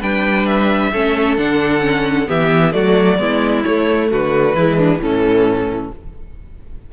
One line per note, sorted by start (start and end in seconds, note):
0.00 0.92 G3
0.00 0.93 D4
0.00 0.91 B4
0.00 0.46 G5
0.46 1.37 E5
0.93 1.38 A3
0.93 1.38 C#4
0.93 2.28 A4
1.38 2.29 D3
1.38 1.80 D4
1.38 2.29 F#5
1.80 2.25 C#4
2.27 2.75 E3
2.27 2.72 B3
2.27 2.74 G4
2.27 2.72 E5
2.72 3.19 F#3
2.72 3.17 A3
2.72 3.20 F#4
2.72 3.63 D5
3.18 3.64 G#3
3.18 3.63 B3
3.18 4.11 E4
3.63 4.57 A3
3.63 4.12 A3
3.63 4.09 C#5
4.11 4.54 D3
4.11 4.56 F#4
4.11 5.02 B4
4.54 4.99 E3
4.54 4.99 G#3
4.54 4.77 E4
4.77 4.99 D4
4.99 5.90 A2
4.99 5.90 E3
4.99 5.93 C#4
4.99 5.92 A4